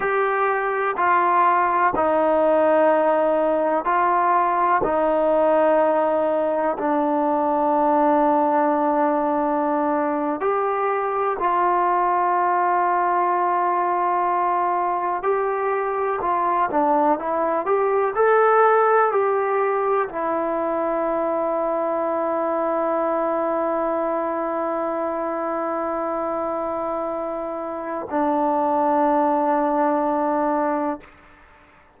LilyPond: \new Staff \with { instrumentName = "trombone" } { \time 4/4 \tempo 4 = 62 g'4 f'4 dis'2 | f'4 dis'2 d'4~ | d'2~ d'8. g'4 f'16~ | f'2.~ f'8. g'16~ |
g'8. f'8 d'8 e'8 g'8 a'4 g'16~ | g'8. e'2.~ e'16~ | e'1~ | e'4 d'2. | }